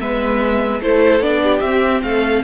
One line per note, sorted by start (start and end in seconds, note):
0.00 0.81 G#3
0.00 0.81 B3
0.00 0.82 B4
0.00 0.81 E5
0.81 1.20 A3
0.81 1.22 E4
0.81 1.43 A4
0.81 1.22 C5
1.20 1.61 B3
1.20 1.62 D4
1.20 1.60 D5
1.43 2.03 G4
1.60 2.02 C4
1.60 2.44 C4
1.60 2.01 E5
2.02 2.44 A3
2.02 2.44 A4
2.02 2.43 F5